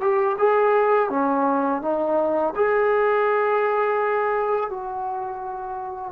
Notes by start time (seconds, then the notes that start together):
0.00 G4
0.38 G#4
1.09 C#4
1.82 D#4
2.55 G#4
4.70 F#4